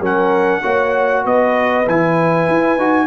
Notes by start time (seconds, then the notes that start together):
0.00 F#3 C#4 A#4 F#5
0.62 A#3 F#4 C#5
1.25 B3 B4 D#5
1.88 E3 E4 G#5
2.48 E4
2.77 D#4 F#4